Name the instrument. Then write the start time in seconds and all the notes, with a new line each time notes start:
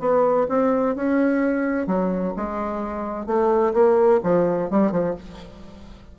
bassoon
0.00 B3
0.49 C4
0.96 C#4
1.87 F#3
2.37 G#3
3.27 A3
3.74 A#3
4.24 F3
4.71 G3
4.92 F3